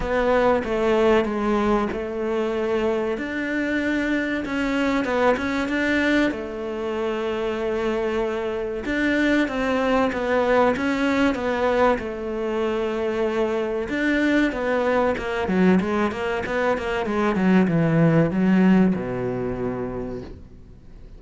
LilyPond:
\new Staff \with { instrumentName = "cello" } { \time 4/4 \tempo 4 = 95 b4 a4 gis4 a4~ | a4 d'2 cis'4 | b8 cis'8 d'4 a2~ | a2 d'4 c'4 |
b4 cis'4 b4 a4~ | a2 d'4 b4 | ais8 fis8 gis8 ais8 b8 ais8 gis8 fis8 | e4 fis4 b,2 | }